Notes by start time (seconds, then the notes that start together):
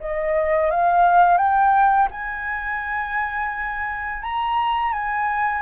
0.00 D#5
0.71 F5
1.37 G5
2.11 G#5
4.22 A#5
4.93 G#5